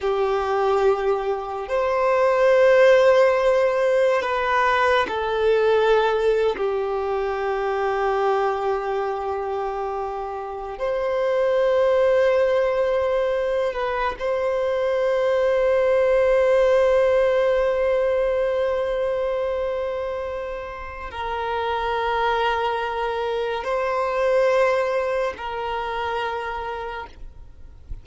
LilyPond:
\new Staff \with { instrumentName = "violin" } { \time 4/4 \tempo 4 = 71 g'2 c''2~ | c''4 b'4 a'4.~ a'16 g'16~ | g'1~ | g'8. c''2.~ c''16~ |
c''16 b'8 c''2.~ c''16~ | c''1~ | c''4 ais'2. | c''2 ais'2 | }